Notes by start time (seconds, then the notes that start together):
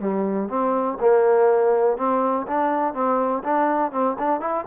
0.00 G3
0.49 C4
1.01 A#3
1.98 C4
2.47 D4
2.94 C4
3.44 D4
3.92 C4
4.19 D4
4.41 E4